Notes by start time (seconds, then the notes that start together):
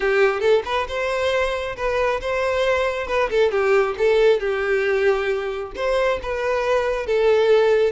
0.00 G4
0.40 A4
0.65 B4
0.87 C5
1.76 B4
2.21 C5
3.07 B4
3.30 A4
3.51 G4
3.97 A4
4.40 G4
5.75 C5
6.22 B4
7.06 A4